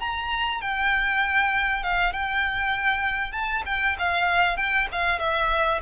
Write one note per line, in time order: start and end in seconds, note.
0.00 0.61 A#5
0.61 1.83 G5
1.83 2.13 F5
2.13 3.32 G5
3.32 3.63 A5
3.66 3.96 G5
3.99 4.57 F5
4.57 4.88 G5
4.92 5.19 F5
5.19 5.81 E5